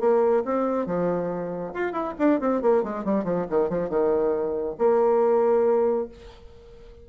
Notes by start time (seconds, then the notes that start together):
0.00 A#3
0.45 C4
0.87 F3
1.74 F4
1.92 E4
2.19 D4
2.41 C4
2.62 A#3
2.84 G#3
3.05 G3
3.25 F3
3.50 D#3
3.70 F3
3.90 D#3
4.79 A#3